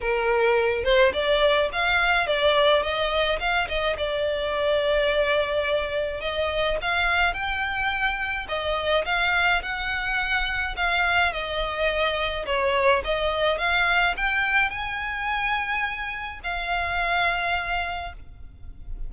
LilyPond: \new Staff \with { instrumentName = "violin" } { \time 4/4 \tempo 4 = 106 ais'4. c''8 d''4 f''4 | d''4 dis''4 f''8 dis''8 d''4~ | d''2. dis''4 | f''4 g''2 dis''4 |
f''4 fis''2 f''4 | dis''2 cis''4 dis''4 | f''4 g''4 gis''2~ | gis''4 f''2. | }